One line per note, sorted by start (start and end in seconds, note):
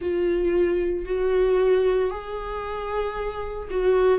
0.00 1.05 F4
1.05 2.10 F#4
2.10 3.68 G#4
3.70 4.19 F#4